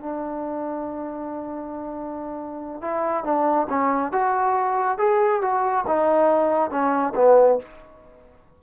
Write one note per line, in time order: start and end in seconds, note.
0.00 2.81 D4
2.81 3.24 E4
3.24 3.67 D4
3.69 4.12 C#4
4.12 4.98 F#4
4.98 5.41 G#4
5.41 5.85 F#4
5.87 6.70 D#4
6.70 7.14 C#4
7.15 7.59 B3